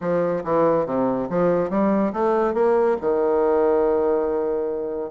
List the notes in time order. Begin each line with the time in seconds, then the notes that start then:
0.00 F3
0.44 E3
0.86 C3
1.29 F3
1.69 G3
2.12 A3
2.54 A#3
3.00 D#3